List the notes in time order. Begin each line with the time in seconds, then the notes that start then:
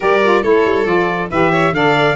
0.00 G3 G4 A#4 D5
0.23 F4
0.42 A3 E4 A4 C#5
0.65 G3
0.85 F3 F4 D5
1.30 E3 G4 B4 E5
1.51 C#5
1.72 D3 A4 D5 F5